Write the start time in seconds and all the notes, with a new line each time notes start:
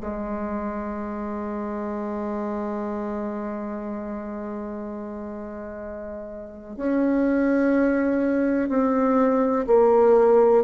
0.00 G#3
6.77 C#4
8.68 C4
9.66 A#3